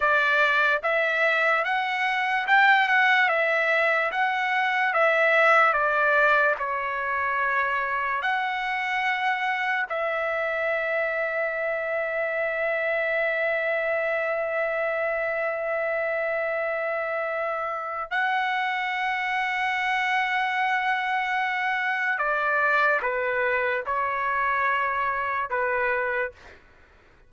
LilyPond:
\new Staff \with { instrumentName = "trumpet" } { \time 4/4 \tempo 4 = 73 d''4 e''4 fis''4 g''8 fis''8 | e''4 fis''4 e''4 d''4 | cis''2 fis''2 | e''1~ |
e''1~ | e''2 fis''2~ | fis''2. d''4 | b'4 cis''2 b'4 | }